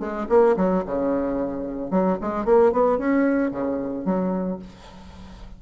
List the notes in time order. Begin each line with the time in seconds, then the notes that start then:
0.00 G#3
0.29 A#3
0.57 F#3
0.86 C#3
1.91 F#3
2.21 G#3
2.45 A#3
2.72 B3
2.99 C#4
3.51 C#3
4.05 F#3